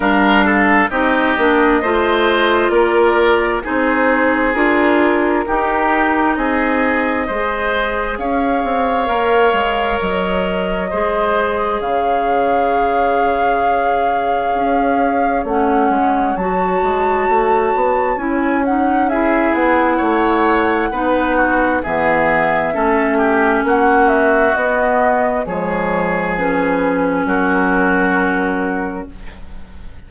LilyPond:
<<
  \new Staff \with { instrumentName = "flute" } { \time 4/4 \tempo 4 = 66 f''4 dis''2 d''4 | c''4 ais'2 dis''4~ | dis''4 f''2 dis''4~ | dis''4 f''2.~ |
f''4 fis''4 a''2 | gis''8 fis''8 e''8 fis''2~ fis''8 | e''2 fis''8 e''8 dis''4 | cis''4 b'4 ais'2 | }
  \new Staff \with { instrumentName = "oboe" } { \time 4/4 ais'8 a'8 g'4 c''4 ais'4 | gis'2 g'4 gis'4 | c''4 cis''2. | c''4 cis''2.~ |
cis''1~ | cis''4 gis'4 cis''4 b'8 fis'8 | gis'4 a'8 g'8 fis'2 | gis'2 fis'2 | }
  \new Staff \with { instrumentName = "clarinet" } { \time 4/4 d'4 dis'8 d'8 f'2 | dis'4 f'4 dis'2 | gis'2 ais'2 | gis'1~ |
gis'4 cis'4 fis'2 | e'8 dis'8 e'2 dis'4 | b4 cis'2 b4 | gis4 cis'2. | }
  \new Staff \with { instrumentName = "bassoon" } { \time 4/4 g4 c'8 ais8 a4 ais4 | c'4 d'4 dis'4 c'4 | gis4 cis'8 c'8 ais8 gis8 fis4 | gis4 cis2. |
cis'4 a8 gis8 fis8 gis8 a8 b8 | cis'4. b8 a4 b4 | e4 a4 ais4 b4 | f2 fis2 | }
>>